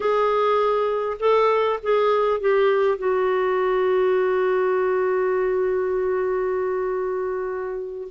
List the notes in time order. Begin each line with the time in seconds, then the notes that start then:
0.00 G#4
1.19 A4
1.82 G#4
2.40 G4
2.98 F#4